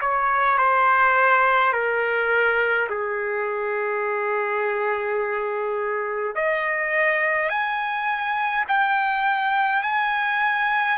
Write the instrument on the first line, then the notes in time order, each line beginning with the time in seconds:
trumpet
0.00 C#5
0.58 C5
1.73 A#4
2.89 G#4
6.35 D#5
7.49 G#5
8.68 G5
9.82 G#5